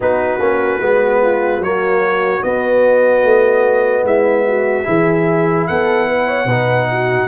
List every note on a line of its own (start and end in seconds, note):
0.00 0.39 B3
0.00 0.40 D#4
0.00 1.22 F#4
0.00 1.63 B4
0.39 0.79 A#3
0.39 0.80 C#4
0.80 1.59 G#3
0.80 1.61 B3
1.22 1.61 F4
1.59 2.40 F#3
1.59 2.41 A#3
1.59 4.04 F#4
1.59 2.43 C#5
2.41 4.83 B3
2.41 3.23 B3
2.41 4.05 D#5
3.23 4.03 A3
4.03 4.84 G#3
4.03 4.45 E4
4.03 5.67 E5
4.47 4.86 F#4
4.83 5.69 E3
4.83 6.45 E4
4.83 5.67 G#4
5.67 6.45 B3
5.67 6.08 A4
5.67 7.28 F#5
6.08 6.27 B4
6.27 6.47 C#5
6.45 7.26 B2
6.45 7.28 D#4
6.45 6.87 B4
6.91 7.28 F#4